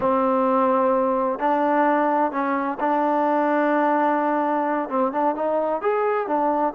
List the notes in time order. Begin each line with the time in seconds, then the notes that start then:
0.00 C4
1.39 D4
2.31 C#4
2.79 D4
4.89 C4
5.12 D4
5.35 D#4
5.81 G#4
6.27 D4